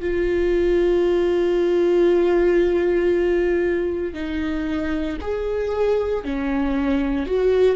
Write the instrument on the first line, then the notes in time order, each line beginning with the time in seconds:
viola
0.00 F4
4.13 D#4
5.21 G#4
6.24 C#4
7.26 F#4